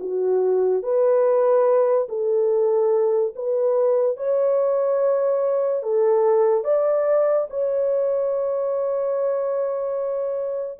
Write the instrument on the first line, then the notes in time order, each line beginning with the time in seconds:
horn
0.00 F#4
0.83 B4
2.09 A4
3.36 B4
4.17 C#5
5.83 A4
6.64 D5
7.50 C#5